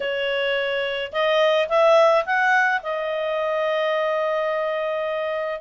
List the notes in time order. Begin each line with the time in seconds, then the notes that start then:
0.00 C#5
1.12 D#5
1.68 E5
2.25 F#5
2.82 D#5